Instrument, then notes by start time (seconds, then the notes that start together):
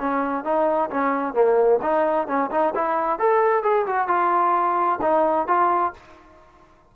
trombone
0.00 C#4
0.45 D#4
0.91 C#4
1.34 A#3
1.83 D#4
2.28 C#4
2.51 D#4
2.76 E4
3.20 A4
3.63 G#4
3.87 F#4
4.08 F4
5.02 D#4
5.48 F4